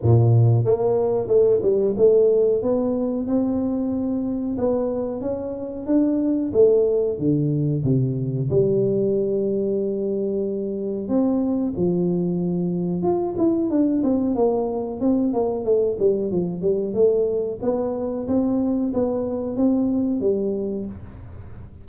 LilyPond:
\new Staff \with { instrumentName = "tuba" } { \time 4/4 \tempo 4 = 92 ais,4 ais4 a8 g8 a4 | b4 c'2 b4 | cis'4 d'4 a4 d4 | c4 g2.~ |
g4 c'4 f2 | f'8 e'8 d'8 c'8 ais4 c'8 ais8 | a8 g8 f8 g8 a4 b4 | c'4 b4 c'4 g4 | }